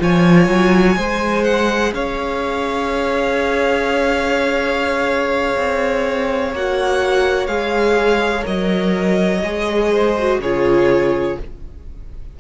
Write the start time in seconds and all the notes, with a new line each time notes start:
0.00 F3 F4 C#5 G#5
0.48 F#3
0.95 G#3 G#4 C5
1.45 F#5
1.93 C#4 C#5 F5
5.57 C4
6.53 A#3 F#4 F#5
7.47 G#3 G#4 F5
8.43 F#3 A#4 D#5
9.43 G#3 G#4
9.92 C5
10.18 F#4
10.40 C#3 F4 G#4 C#5